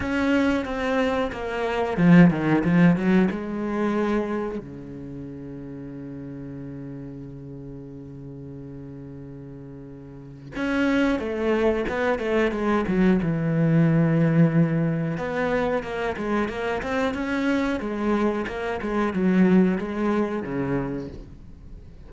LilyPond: \new Staff \with { instrumentName = "cello" } { \time 4/4 \tempo 4 = 91 cis'4 c'4 ais4 f8 dis8 | f8 fis8 gis2 cis4~ | cis1~ | cis1 |
cis'4 a4 b8 a8 gis8 fis8 | e2. b4 | ais8 gis8 ais8 c'8 cis'4 gis4 | ais8 gis8 fis4 gis4 cis4 | }